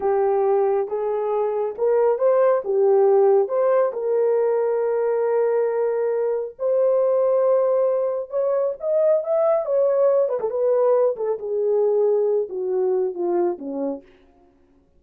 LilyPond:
\new Staff \with { instrumentName = "horn" } { \time 4/4 \tempo 4 = 137 g'2 gis'2 | ais'4 c''4 g'2 | c''4 ais'2.~ | ais'2. c''4~ |
c''2. cis''4 | dis''4 e''4 cis''4. b'16 a'16 | b'4. a'8 gis'2~ | gis'8 fis'4. f'4 cis'4 | }